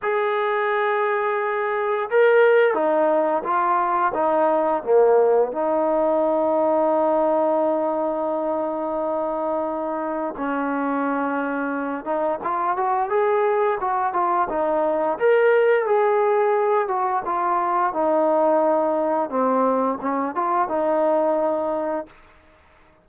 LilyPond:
\new Staff \with { instrumentName = "trombone" } { \time 4/4 \tempo 4 = 87 gis'2. ais'4 | dis'4 f'4 dis'4 ais4 | dis'1~ | dis'2. cis'4~ |
cis'4. dis'8 f'8 fis'8 gis'4 | fis'8 f'8 dis'4 ais'4 gis'4~ | gis'8 fis'8 f'4 dis'2 | c'4 cis'8 f'8 dis'2 | }